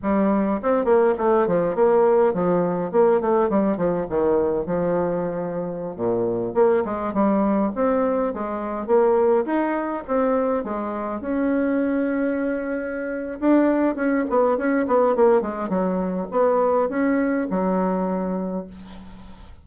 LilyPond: \new Staff \with { instrumentName = "bassoon" } { \time 4/4 \tempo 4 = 103 g4 c'8 ais8 a8 f8 ais4 | f4 ais8 a8 g8 f8 dis4 | f2~ f16 ais,4 ais8 gis16~ | gis16 g4 c'4 gis4 ais8.~ |
ais16 dis'4 c'4 gis4 cis'8.~ | cis'2. d'4 | cis'8 b8 cis'8 b8 ais8 gis8 fis4 | b4 cis'4 fis2 | }